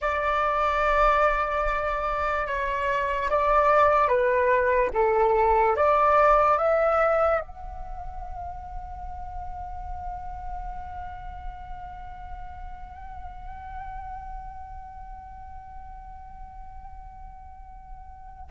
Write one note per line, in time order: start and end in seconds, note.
0.01 2.47 D5
2.47 3.29 C#5
3.30 4.08 D5
4.08 4.90 B4
4.93 5.75 A4
5.75 6.58 D5
6.58 7.40 E5
7.40 18.49 F#5